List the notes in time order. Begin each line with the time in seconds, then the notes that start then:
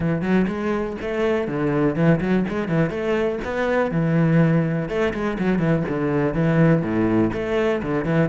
0.00 E3
0.21 F#3
0.47 G#3
1.01 A3
1.47 D3
1.95 E3
2.20 F#3
2.48 G#3
2.68 E3
2.90 A3
3.44 B3
3.91 E3
4.88 A3
5.13 G#3
5.39 F#3
5.59 E3
5.88 D3
6.33 E3
6.82 A2
7.33 A3
7.82 D3
8.05 E3